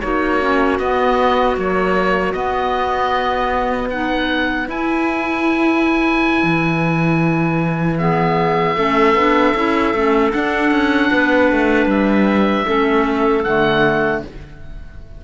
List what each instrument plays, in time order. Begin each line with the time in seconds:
0.00 cello A#3, clarinet D#4 F#4, oboe C#5
0.40 clarinet C#4
0.78 cello B3, clarinet B3, oboe D#5
1.55 clarinet F#3, cello A#3, oboe C#5
2.33 cello B3, clarinet B3, oboe D#5
3.90 clarinet D#4 B4, oboe F#5
4.66 clarinet E4, cello E4, oboe G#5
6.43 cello E3
7.98 clarinet B3 G#4, oboe E5
8.76 cello A3, clarinet C#4 A4
9.15 cello B3, clarinet D4
9.55 cello C#4, clarinet E4
9.94 cello A3, clarinet C#4
10.31 clarinet D4, cello D4, oboe F#5
10.71 cello C#4
11.11 cello B3, clarinet B4
11.52 cello A3
11.86 cello G3, oboe E5
12.66 cello A3, clarinet C#4 A4
13.43 cello D3, clarinet A3, oboe F#5